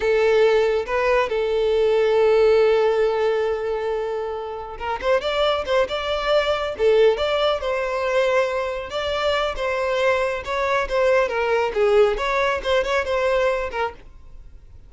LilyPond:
\new Staff \with { instrumentName = "violin" } { \time 4/4 \tempo 4 = 138 a'2 b'4 a'4~ | a'1~ | a'2. ais'8 c''8 | d''4 c''8 d''2 a'8~ |
a'8 d''4 c''2~ c''8~ | c''8 d''4. c''2 | cis''4 c''4 ais'4 gis'4 | cis''4 c''8 cis''8 c''4. ais'8 | }